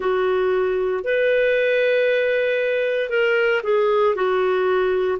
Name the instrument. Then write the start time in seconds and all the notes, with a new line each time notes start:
clarinet
0.00 F#4
1.03 B4
3.09 A#4
3.63 G#4
4.15 F#4